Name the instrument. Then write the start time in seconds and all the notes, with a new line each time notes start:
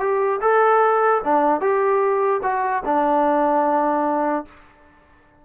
trombone
0.00 G4
0.41 A4
1.24 D4
1.61 G4
2.43 F#4
2.85 D4